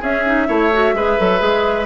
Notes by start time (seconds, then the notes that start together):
0.00 C#4 G#4 E5
0.25 D#4
0.47 A3 E4 C#5
0.72 F#4
0.93 G#3 G#4 B4
1.18 F#3 A4
1.39 G#3 G#4